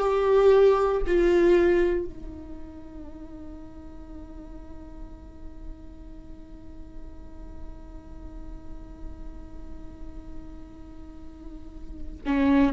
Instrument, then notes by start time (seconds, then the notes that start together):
viola
0.00 G4
1.07 F4
2.05 D#4
12.26 C#4